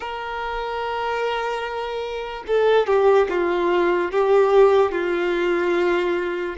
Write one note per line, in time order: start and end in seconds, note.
0.00 2.43 A#4
2.47 2.86 A4
2.86 3.27 G4
3.29 4.11 F4
4.11 4.91 G4
4.91 6.55 F4